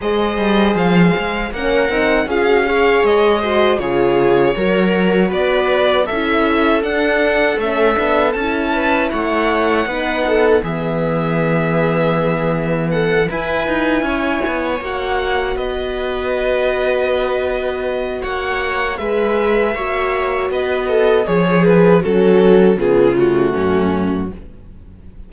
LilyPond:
<<
  \new Staff \with { instrumentName = "violin" } { \time 4/4 \tempo 4 = 79 dis''4 f''4 fis''4 f''4 | dis''4 cis''2 d''4 | e''4 fis''4 e''4 a''4 | fis''2 e''2~ |
e''4 fis''8 gis''2 fis''8~ | fis''8 dis''2.~ dis''8 | fis''4 e''2 dis''4 | cis''8 b'8 a'4 gis'8 fis'4. | }
  \new Staff \with { instrumentName = "viola" } { \time 4/4 c''2 ais'4 gis'8 cis''8~ | cis''8 c''8 gis'4 ais'4 b'4 | a'2.~ a'8 b'8 | cis''4 b'8 a'8 gis'2~ |
gis'4 a'8 b'4 cis''4.~ | cis''8 b'2.~ b'8 | cis''4 b'4 cis''4 b'8 a'8 | gis'4 fis'4 f'4 cis'4 | }
  \new Staff \with { instrumentName = "horn" } { \time 4/4 gis'2 cis'8 dis'8 f'16 fis'16 gis'8~ | gis'8 fis'8 f'4 fis'2 | e'4 d'4 cis'8 d'8 e'4~ | e'4 dis'4 b2~ |
b4. e'2 fis'8~ | fis'1~ | fis'4 gis'4 fis'2 | gis'4 cis'4 b8 a4. | }
  \new Staff \with { instrumentName = "cello" } { \time 4/4 gis8 g8 f8 gis8 ais8 c'8 cis'4 | gis4 cis4 fis4 b4 | cis'4 d'4 a8 b8 cis'4 | a4 b4 e2~ |
e4. e'8 dis'8 cis'8 b8 ais8~ | ais8 b2.~ b8 | ais4 gis4 ais4 b4 | f4 fis4 cis4 fis,4 | }
>>